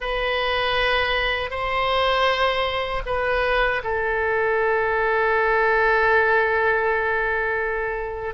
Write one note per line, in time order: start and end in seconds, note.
0.00 1.50 B4
1.50 3.02 C5
3.06 3.81 B4
3.83 8.34 A4